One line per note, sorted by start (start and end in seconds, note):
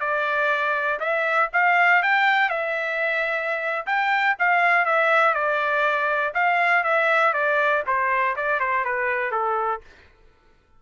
0.00 0.99 D5
1.00 1.49 E5
1.53 2.02 F5
2.02 2.49 G5
2.49 3.85 E5
3.86 4.35 G5
4.39 4.85 F5
4.85 5.34 E5
5.34 6.33 D5
6.34 6.83 F5
6.84 7.33 E5
7.33 7.83 D5
7.86 8.36 C5
8.36 8.59 D5
8.59 8.84 C5
8.84 9.31 B4
9.31 9.81 A4